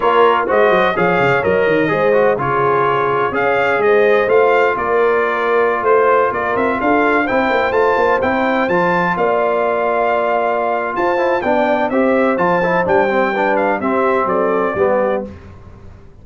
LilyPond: <<
  \new Staff \with { instrumentName = "trumpet" } { \time 4/4 \tempo 4 = 126 cis''4 dis''4 f''4 dis''4~ | dis''4 cis''2 f''4 | dis''4 f''4 d''2~ | d''16 c''4 d''8 e''8 f''4 g''8.~ |
g''16 a''4 g''4 a''4 f''8.~ | f''2. a''4 | g''4 e''4 a''4 g''4~ | g''8 f''8 e''4 d''2 | }
  \new Staff \with { instrumentName = "horn" } { \time 4/4 ais'4 c''4 cis''2 | c''4 gis'2 cis''4 | c''2 ais'2~ | ais'16 c''4 ais'4 a'4 c''8.~ |
c''2.~ c''16 d''8.~ | d''2. c''4 | d''4 c''2. | b'4 g'4 a'4 g'4 | }
  \new Staff \with { instrumentName = "trombone" } { \time 4/4 f'4 fis'4 gis'4 ais'4 | gis'8 fis'8 f'2 gis'4~ | gis'4 f'2.~ | f'2.~ f'16 e'8.~ |
e'16 f'4 e'4 f'4.~ f'16~ | f'2.~ f'8 e'8 | d'4 g'4 f'8 e'8 d'8 c'8 | d'4 c'2 b4 | }
  \new Staff \with { instrumentName = "tuba" } { \time 4/4 ais4 gis8 fis8 f8 cis8 fis8 dis8 | gis4 cis2 cis'4 | gis4 a4 ais2~ | ais16 a4 ais8 c'8 d'4 c'8 ais16~ |
ais16 a8 ais8 c'4 f4 ais8.~ | ais2. f'4 | b4 c'4 f4 g4~ | g4 c'4 fis4 g4 | }
>>